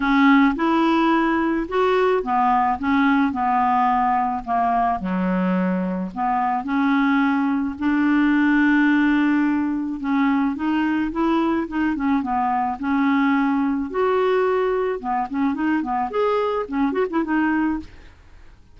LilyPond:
\new Staff \with { instrumentName = "clarinet" } { \time 4/4 \tempo 4 = 108 cis'4 e'2 fis'4 | b4 cis'4 b2 | ais4 fis2 b4 | cis'2 d'2~ |
d'2 cis'4 dis'4 | e'4 dis'8 cis'8 b4 cis'4~ | cis'4 fis'2 b8 cis'8 | dis'8 b8 gis'4 cis'8 fis'16 e'16 dis'4 | }